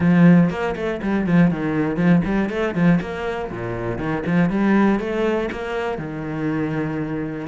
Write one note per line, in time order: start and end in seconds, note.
0.00 0.50 F3
0.50 0.75 A#3
0.75 1.00 A3
1.02 1.26 G3
1.26 1.50 F3
1.50 1.96 D#3
1.96 2.21 F3
2.24 2.49 G3
2.49 2.74 A3
2.74 2.99 F3
3.00 3.50 A#3
3.51 3.98 A#2
3.98 4.23 D#3
4.26 4.49 F3
4.49 4.99 G3
4.99 5.49 A3
5.51 5.97 A#3
5.97 7.47 D#3